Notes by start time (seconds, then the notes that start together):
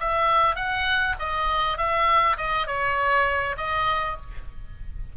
0.00 E5
0.56 F#5
1.19 D#5
1.78 E5
2.37 D#5
2.67 C#5
3.58 D#5